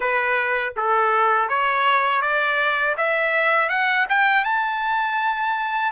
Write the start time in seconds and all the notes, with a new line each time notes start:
0.00 B4
0.76 A4
1.48 C#5
2.21 D5
2.97 E5
3.69 F#5
4.09 G5
4.44 A5